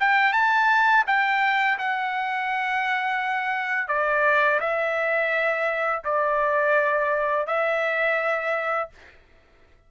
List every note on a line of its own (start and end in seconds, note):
0.00 0.33 G5
0.33 1.04 A5
1.06 1.78 G5
1.78 3.88 F#5
3.88 4.59 D5
4.60 6.03 E5
6.04 7.46 D5
7.46 8.89 E5